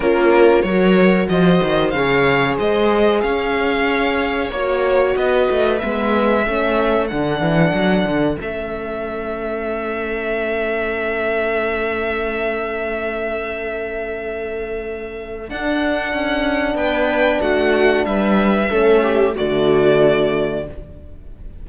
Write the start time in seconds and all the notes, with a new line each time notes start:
0.00 A#3 C#4 F4 A#4
0.62 F#3 F#4 A#4 C#5
1.28 F3 C5 D#5
1.62 D#3
1.90 C#3 G#4 F5
1.97 C#5
2.57 G#3 C5 D#5
3.21 C#4 C#5 F5
4.50 A#3 F#4 C#5
5.16 B3 B4 D#5
5.50 A3
5.79 G#3 B3 E5
6.44 A3 C#4 A4
7.07 D3 D4 F#5
7.40 E3
7.73 F#3
8.04 D3
8.37 A3 C#4 E5
15.49 D4 F#5
16.13 C#4
16.74 B3 B4 G5
17.40 A3 F#4 F#5
18.05 G3 B4 E5
18.70 A3 C#4 A4
19.02 G4
19.35 D3 A3 F#4 D5